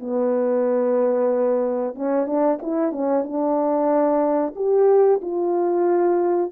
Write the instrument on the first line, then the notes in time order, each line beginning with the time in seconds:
horn
0.00 B3
1.95 C#4
2.26 D4
2.62 E4
2.92 C#4
3.23 D4
4.56 G4
5.21 F4